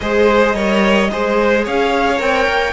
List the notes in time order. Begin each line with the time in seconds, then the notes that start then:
0.00 G#3 G#4 C5 D#5
0.54 G3 A#4 C#5
1.11 G#3 G#4 C5
1.64 C#4 C#5 F5
2.17 C4 A#4 G5
2.48 A#3